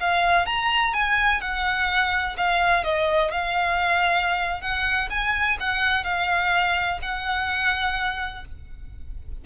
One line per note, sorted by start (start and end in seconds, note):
0.00 0.46 F5
0.46 0.93 A#5
0.93 1.40 G#5
1.40 2.36 F#5
2.37 2.84 F5
2.84 3.31 D#5
3.31 4.61 F5
4.61 5.08 F#5
5.10 5.58 G#5
5.60 6.04 F#5
6.04 6.99 F5
7.02 8.45 F#5